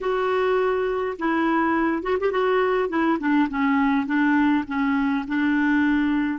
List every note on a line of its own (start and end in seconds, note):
0.01 1.17 F#4
1.18 2.03 E4
2.03 2.17 F#4
2.20 2.31 G4
2.31 2.89 F#4
2.89 3.18 E4
3.19 3.48 D4
3.49 4.06 C#4
4.06 4.64 D4
4.67 5.25 C#4
5.27 6.38 D4